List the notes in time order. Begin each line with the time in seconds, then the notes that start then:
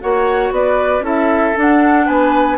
0.00 A#3 F#4 C#5 F#5
0.51 B3 B4 D5
1.00 C#4 E4 A4
1.06 E5
1.56 D4 F#5
2.06 B3 B4 G#5